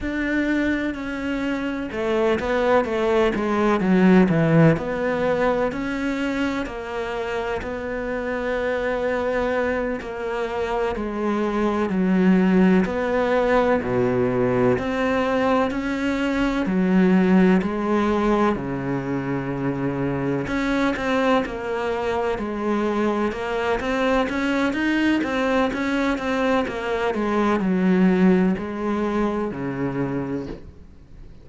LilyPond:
\new Staff \with { instrumentName = "cello" } { \time 4/4 \tempo 4 = 63 d'4 cis'4 a8 b8 a8 gis8 | fis8 e8 b4 cis'4 ais4 | b2~ b8 ais4 gis8~ | gis8 fis4 b4 b,4 c'8~ |
c'8 cis'4 fis4 gis4 cis8~ | cis4. cis'8 c'8 ais4 gis8~ | gis8 ais8 c'8 cis'8 dis'8 c'8 cis'8 c'8 | ais8 gis8 fis4 gis4 cis4 | }